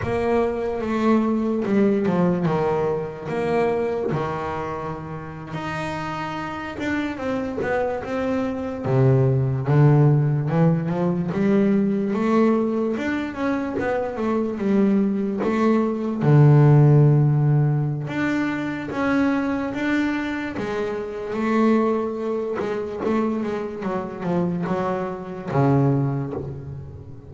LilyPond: \new Staff \with { instrumentName = "double bass" } { \time 4/4 \tempo 4 = 73 ais4 a4 g8 f8 dis4 | ais4 dis4.~ dis16 dis'4~ dis'16~ | dis'16 d'8 c'8 b8 c'4 c4 d16~ | d8. e8 f8 g4 a4 d'16~ |
d'16 cis'8 b8 a8 g4 a4 d16~ | d2 d'4 cis'4 | d'4 gis4 a4. gis8 | a8 gis8 fis8 f8 fis4 cis4 | }